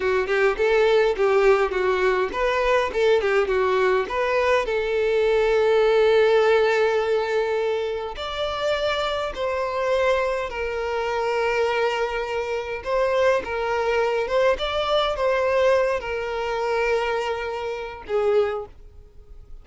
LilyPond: \new Staff \with { instrumentName = "violin" } { \time 4/4 \tempo 4 = 103 fis'8 g'8 a'4 g'4 fis'4 | b'4 a'8 g'8 fis'4 b'4 | a'1~ | a'2 d''2 |
c''2 ais'2~ | ais'2 c''4 ais'4~ | ais'8 c''8 d''4 c''4. ais'8~ | ais'2. gis'4 | }